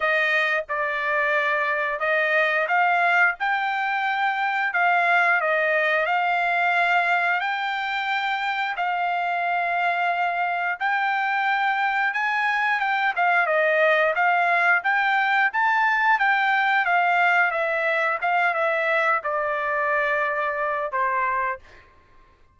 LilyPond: \new Staff \with { instrumentName = "trumpet" } { \time 4/4 \tempo 4 = 89 dis''4 d''2 dis''4 | f''4 g''2 f''4 | dis''4 f''2 g''4~ | g''4 f''2. |
g''2 gis''4 g''8 f''8 | dis''4 f''4 g''4 a''4 | g''4 f''4 e''4 f''8 e''8~ | e''8 d''2~ d''8 c''4 | }